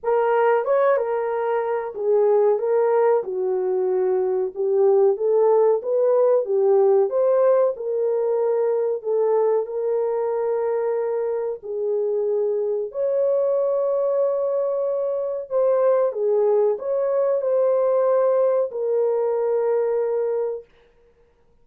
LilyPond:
\new Staff \with { instrumentName = "horn" } { \time 4/4 \tempo 4 = 93 ais'4 cis''8 ais'4. gis'4 | ais'4 fis'2 g'4 | a'4 b'4 g'4 c''4 | ais'2 a'4 ais'4~ |
ais'2 gis'2 | cis''1 | c''4 gis'4 cis''4 c''4~ | c''4 ais'2. | }